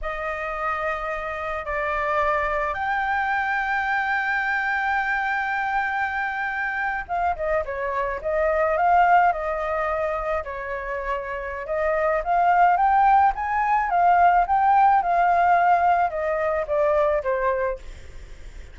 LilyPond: \new Staff \with { instrumentName = "flute" } { \time 4/4 \tempo 4 = 108 dis''2. d''4~ | d''4 g''2.~ | g''1~ | g''8. f''8 dis''8 cis''4 dis''4 f''16~ |
f''8. dis''2 cis''4~ cis''16~ | cis''4 dis''4 f''4 g''4 | gis''4 f''4 g''4 f''4~ | f''4 dis''4 d''4 c''4 | }